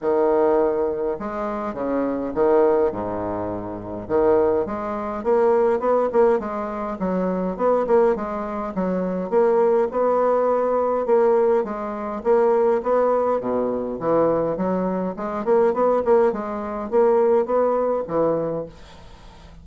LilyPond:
\new Staff \with { instrumentName = "bassoon" } { \time 4/4 \tempo 4 = 103 dis2 gis4 cis4 | dis4 gis,2 dis4 | gis4 ais4 b8 ais8 gis4 | fis4 b8 ais8 gis4 fis4 |
ais4 b2 ais4 | gis4 ais4 b4 b,4 | e4 fis4 gis8 ais8 b8 ais8 | gis4 ais4 b4 e4 | }